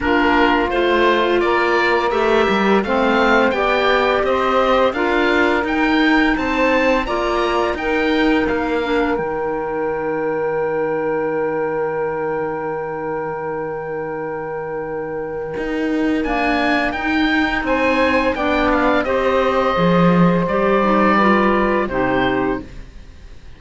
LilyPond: <<
  \new Staff \with { instrumentName = "oboe" } { \time 4/4 \tempo 4 = 85 ais'4 c''4 d''4 e''4 | f''4 g''4 dis''4 f''4 | g''4 a''4 ais''4 g''4 | f''4 g''2.~ |
g''1~ | g''2. gis''4 | g''4 gis''4 g''8 f''8 dis''4~ | dis''4 d''2 c''4 | }
  \new Staff \with { instrumentName = "saxophone" } { \time 4/4 f'2 ais'2 | c''4 d''4 c''4 ais'4~ | ais'4 c''4 d''4 ais'4~ | ais'1~ |
ais'1~ | ais'1~ | ais'4 c''4 d''4 c''4~ | c''2 b'4 g'4 | }
  \new Staff \with { instrumentName = "clarinet" } { \time 4/4 d'4 f'2 g'4 | c'4 g'2 f'4 | dis'2 f'4 dis'4~ | dis'8 d'8 dis'2.~ |
dis'1~ | dis'2. ais4 | dis'2 d'4 g'4 | gis'4 g'8 dis'8 f'4 dis'4 | }
  \new Staff \with { instrumentName = "cello" } { \time 4/4 ais4 a4 ais4 a8 g8 | a4 b4 c'4 d'4 | dis'4 c'4 ais4 dis'4 | ais4 dis2.~ |
dis1~ | dis2 dis'4 d'4 | dis'4 c'4 b4 c'4 | f4 g2 c4 | }
>>